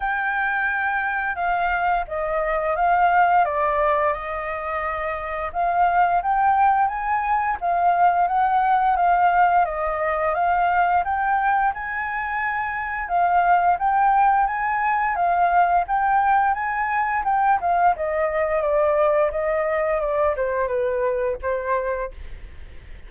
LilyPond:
\new Staff \with { instrumentName = "flute" } { \time 4/4 \tempo 4 = 87 g''2 f''4 dis''4 | f''4 d''4 dis''2 | f''4 g''4 gis''4 f''4 | fis''4 f''4 dis''4 f''4 |
g''4 gis''2 f''4 | g''4 gis''4 f''4 g''4 | gis''4 g''8 f''8 dis''4 d''4 | dis''4 d''8 c''8 b'4 c''4 | }